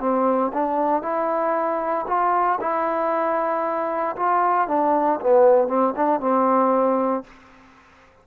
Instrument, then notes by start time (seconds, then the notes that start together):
trombone
0.00 C4
0.54 D4
1.03 E4
2.07 F4
2.61 E4
4.17 F4
4.68 D4
5.21 B3
5.68 C4
5.97 D4
6.21 C4